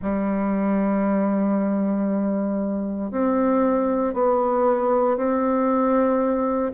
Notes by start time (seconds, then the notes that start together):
0.01 G3
3.11 C4
4.13 B3
5.16 C4